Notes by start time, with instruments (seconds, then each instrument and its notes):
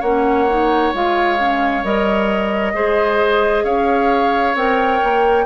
0.00 bassoon A#3, clarinet C#4, oboe C#5, flute F#5
0.49 clarinet D#4
0.94 bassoon G#3, clarinet F4, flute F5
1.38 clarinet C#4
1.84 bassoon G3, clarinet A#4, flute D#5
2.73 bassoon G#3, clarinet G#4, oboe C5
3.64 bassoon C#4, oboe C#5, flute F5
4.55 bassoon C4, clarinet A#4, flute G5
5.03 bassoon A#3